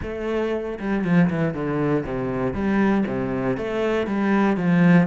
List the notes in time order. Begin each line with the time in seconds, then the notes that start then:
0.02 A3
0.79 G3
1.04 F3
1.30 E3
1.53 D3
2.05 C3
2.53 G3
3.06 C3
3.57 A3
4.06 G3
4.56 F3